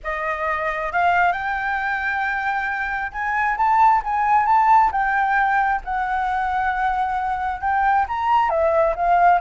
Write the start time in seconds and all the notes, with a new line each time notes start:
0.03 D#5
0.92 F5
1.32 G5
3.12 G#5
3.57 A5
4.04 G#5
4.46 A5
4.91 G5
5.84 F#5
7.60 G5
8.07 A#5
8.49 E5
8.95 F5